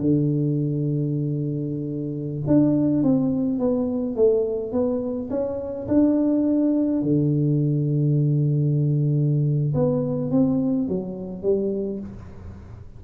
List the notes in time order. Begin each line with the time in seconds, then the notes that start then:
0.00 D3
2.47 D4
3.03 C4
3.59 B3
4.16 A3
4.72 B3
5.30 C#4
5.88 D4
7.02 D3
9.74 B3
10.31 C4
10.88 F#3
11.42 G3